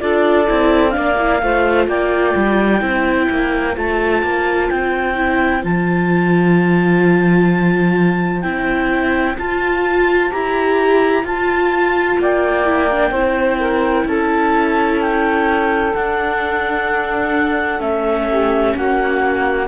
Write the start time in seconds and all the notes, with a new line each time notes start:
0.00 D4 F4 A4 D5
0.48 C4 E4
0.91 A#3 D4 D5 F5
1.18 E4
1.42 A3 F4 C5
1.88 A#3 D5 G5
2.36 G3
2.80 C4 E4 C5
3.30 A#3
3.76 A3 F4 A5
4.22 A#3
4.69 C4 G5
5.16 E4
5.62 F3 F4 A5
8.42 C4 E4 G5
9.38 F4 A5
10.30 E4 G4 A#5
11.24 F4 A5
12.19 A#3 D5 G5
12.66 E4
12.91 D4
13.11 C4 E4 C5
13.60 A#4
14.05 C#4 A4 A5
15.01 G5
15.94 D4 F#5
17.79 A3 C#4 E5
18.28 G4
18.75 A#3 F#4 F#5